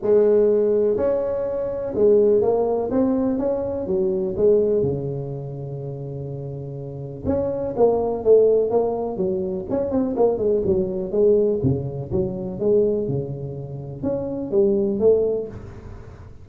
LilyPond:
\new Staff \with { instrumentName = "tuba" } { \time 4/4 \tempo 4 = 124 gis2 cis'2 | gis4 ais4 c'4 cis'4 | fis4 gis4 cis2~ | cis2. cis'4 |
ais4 a4 ais4 fis4 | cis'8 c'8 ais8 gis8 fis4 gis4 | cis4 fis4 gis4 cis4~ | cis4 cis'4 g4 a4 | }